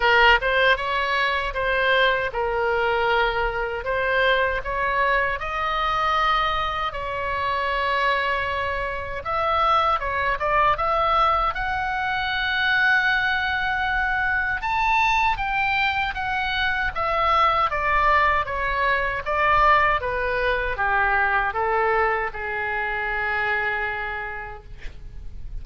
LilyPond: \new Staff \with { instrumentName = "oboe" } { \time 4/4 \tempo 4 = 78 ais'8 c''8 cis''4 c''4 ais'4~ | ais'4 c''4 cis''4 dis''4~ | dis''4 cis''2. | e''4 cis''8 d''8 e''4 fis''4~ |
fis''2. a''4 | g''4 fis''4 e''4 d''4 | cis''4 d''4 b'4 g'4 | a'4 gis'2. | }